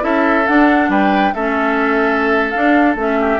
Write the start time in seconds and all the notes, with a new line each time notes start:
0.00 C#4 E4 A4 E5
0.47 D4 F#5
0.88 G3 B4 G5
1.34 A3 C#4 A4 E5
2.50 D4 F5
2.95 A3 C#4 E5
3.19 G4